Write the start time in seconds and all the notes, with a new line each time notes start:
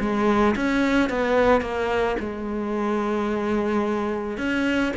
0.00 G#3
0.56 C#4
1.09 B3
1.61 A#3
2.19 G#3
4.37 C#4